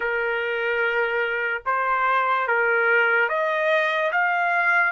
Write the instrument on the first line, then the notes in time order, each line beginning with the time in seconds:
trumpet
0.00 A#4
1.65 C5
2.47 A#4
3.28 D#5
4.11 F5